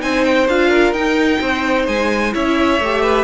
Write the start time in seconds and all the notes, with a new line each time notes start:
0.00 C4 D#4 C5 G#5
0.25 G5
0.48 D4 F4 F5
0.69 A#4
0.93 D#4 G5
1.41 C4 C5
1.88 G#3 G#5
2.33 C#4 E4 C#5 E5
2.80 A3 G4
3.02 B4